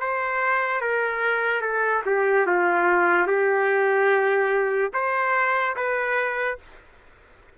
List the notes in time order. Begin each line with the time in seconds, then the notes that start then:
0.00 C5
0.81 A#4
1.61 A4
2.05 G4
2.46 F4
3.27 G4
4.93 C5
5.76 B4